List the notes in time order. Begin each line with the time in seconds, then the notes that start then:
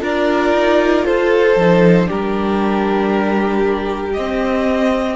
0.00 D4 F4 A#4 D5
0.52 D#4
1.05 F4 A4 C5
1.56 F3 D#4
2.06 G3 D4 G4 A#4
4.13 C4 D#5